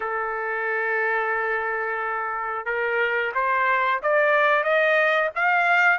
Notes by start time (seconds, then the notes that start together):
0.00 A4
2.65 A#4
3.34 C5
4.02 D5
4.63 D#5
5.35 F5